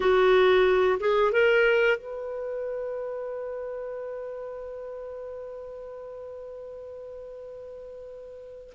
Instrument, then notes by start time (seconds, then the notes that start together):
clarinet
0.00 F#4
1.00 G#4
1.32 A#4
1.97 B4